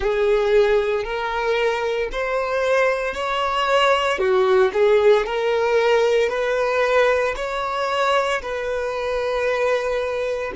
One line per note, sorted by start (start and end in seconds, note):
0.00 1.03 G#4
1.03 2.09 A#4
2.11 3.14 C5
3.14 4.18 C#5
4.18 4.71 F#4
4.73 5.25 G#4
5.26 6.29 A#4
6.29 7.34 B4
7.36 8.41 C#5
8.42 10.52 B4